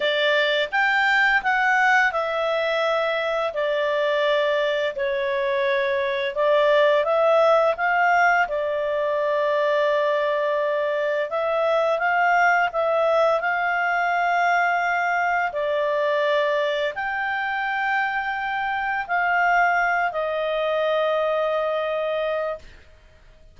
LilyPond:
\new Staff \with { instrumentName = "clarinet" } { \time 4/4 \tempo 4 = 85 d''4 g''4 fis''4 e''4~ | e''4 d''2 cis''4~ | cis''4 d''4 e''4 f''4 | d''1 |
e''4 f''4 e''4 f''4~ | f''2 d''2 | g''2. f''4~ | f''8 dis''2.~ dis''8 | }